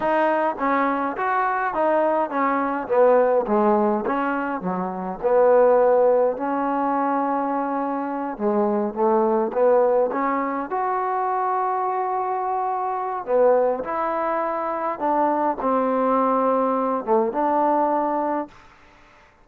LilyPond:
\new Staff \with { instrumentName = "trombone" } { \time 4/4 \tempo 4 = 104 dis'4 cis'4 fis'4 dis'4 | cis'4 b4 gis4 cis'4 | fis4 b2 cis'4~ | cis'2~ cis'8 gis4 a8~ |
a8 b4 cis'4 fis'4.~ | fis'2. b4 | e'2 d'4 c'4~ | c'4. a8 d'2 | }